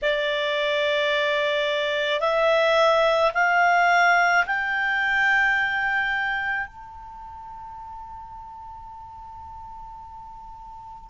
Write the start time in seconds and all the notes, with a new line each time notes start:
0.02 D5
2.20 E5
3.34 F5
4.46 G5
6.67 A5